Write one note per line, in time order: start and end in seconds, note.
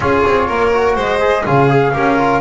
0.00 0.23 C#4
0.00 0.72 F4
0.00 0.47 G#4
0.00 0.97 C#5
0.27 0.49 C4
0.47 0.96 A#3
0.47 0.95 A#4
0.73 1.20 F#4
0.95 1.44 G#3
0.95 1.43 C5
0.95 1.46 D#5
1.20 1.44 G#4
1.44 1.94 C#3
1.44 1.68 F4
1.44 1.92 G#4
1.44 2.41 F5
1.68 1.92 G#4
1.93 2.41 C#4
1.93 2.17 G4
1.93 2.41 A#4
2.18 2.41 F4